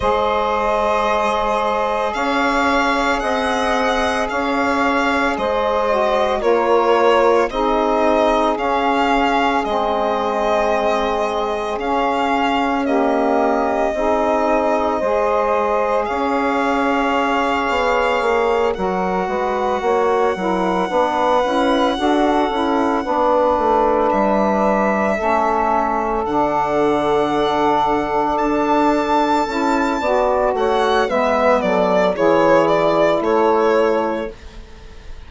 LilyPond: <<
  \new Staff \with { instrumentName = "violin" } { \time 4/4 \tempo 4 = 56 dis''2 f''4 fis''4 | f''4 dis''4 cis''4 dis''4 | f''4 dis''2 f''4 | dis''2. f''4~ |
f''4. fis''2~ fis''8~ | fis''2~ fis''8 e''4.~ | e''8 fis''2 a''4.~ | a''8 fis''8 e''8 d''8 cis''8 d''8 cis''4 | }
  \new Staff \with { instrumentName = "saxophone" } { \time 4/4 c''2 cis''4 dis''4 | cis''4 c''4 ais'4 gis'4~ | gis'1 | g'4 gis'4 c''4 cis''4~ |
cis''4. ais'8 b'8 cis''8 ais'8 b'8~ | b'8 a'4 b'2 a'8~ | a'1 | d''8 cis''8 b'8 a'8 gis'4 a'4 | }
  \new Staff \with { instrumentName = "saxophone" } { \time 4/4 gis'1~ | gis'4. fis'8 f'4 dis'4 | cis'4 c'2 cis'4 | ais4 dis'4 gis'2~ |
gis'4. fis'4. e'8 d'8 | e'8 fis'8 e'8 d'2 cis'8~ | cis'8 d'2. e'8 | fis'4 b4 e'2 | }
  \new Staff \with { instrumentName = "bassoon" } { \time 4/4 gis2 cis'4 c'4 | cis'4 gis4 ais4 c'4 | cis'4 gis2 cis'4~ | cis'4 c'4 gis4 cis'4~ |
cis'8 b8 ais8 fis8 gis8 ais8 fis8 b8 | cis'8 d'8 cis'8 b8 a8 g4 a8~ | a8 d2 d'4 cis'8 | b8 a8 gis8 fis8 e4 a4 | }
>>